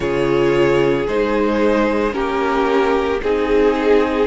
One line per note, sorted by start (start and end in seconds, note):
0.00 1.06 C#3
0.00 1.07 F4
0.00 2.14 G#4
0.00 1.06 C#5
1.07 2.13 G#3
1.07 2.12 D#4
1.07 2.13 C5
2.12 3.20 A#3
2.12 3.19 C#4
2.12 3.21 G4
2.12 3.21 A#4
3.22 4.26 C4
3.22 4.26 D#4
3.22 4.26 G#4